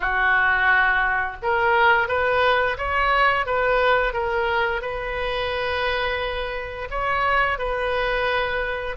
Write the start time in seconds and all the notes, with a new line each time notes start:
0.00 F#4
1.42 A#4
2.08 B4
2.77 C#5
3.46 B4
4.13 A#4
4.81 B4
6.90 C#5
7.58 B4